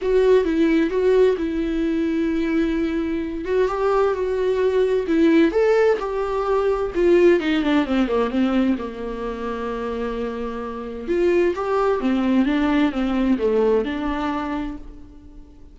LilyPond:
\new Staff \with { instrumentName = "viola" } { \time 4/4 \tempo 4 = 130 fis'4 e'4 fis'4 e'4~ | e'2.~ e'8 fis'8 | g'4 fis'2 e'4 | a'4 g'2 f'4 |
dis'8 d'8 c'8 ais8 c'4 ais4~ | ais1 | f'4 g'4 c'4 d'4 | c'4 a4 d'2 | }